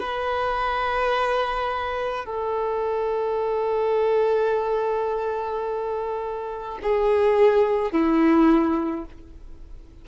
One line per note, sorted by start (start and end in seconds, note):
0.00 2.25 B4
2.25 6.78 A4
6.82 7.92 G#4
7.92 9.05 E4